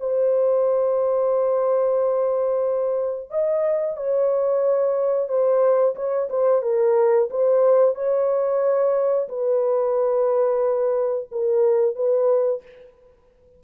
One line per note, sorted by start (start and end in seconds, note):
0.00 3.30 C5
3.30 3.97 D#5
3.97 5.28 C#5
5.28 5.95 C5
5.95 6.29 C#5
6.29 6.62 C5
6.62 7.29 A#4
7.30 7.95 C5
7.95 9.28 C#5
9.29 11.29 B4
11.32 11.95 A#4
11.95 12.62 B4